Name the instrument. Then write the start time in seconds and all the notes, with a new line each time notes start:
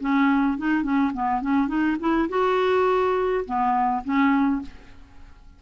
clarinet
0.00 C#4
0.57 D#4
0.83 C#4
1.13 B3
1.41 C#4
1.67 D#4
2.00 E4
2.29 F#4
3.45 B3
4.04 C#4